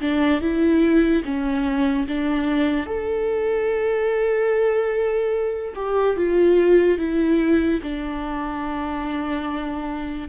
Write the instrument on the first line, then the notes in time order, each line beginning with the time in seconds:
viola
0.00 D4
0.40 E4
1.24 C#4
2.07 D4
2.86 A4
5.75 G4
6.16 F4
6.98 E4
7.82 D4